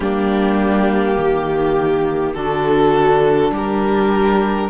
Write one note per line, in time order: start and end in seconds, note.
0.00 1.16 G3
0.00 2.34 A#3
0.00 1.17 D4
0.00 2.34 G4
1.17 2.34 D#3
1.17 2.34 G4
2.34 3.50 D3
2.34 4.69 D4
2.34 3.52 F#4
2.34 3.51 A4
3.50 4.68 G3
3.50 4.70 G4
3.57 4.70 A#4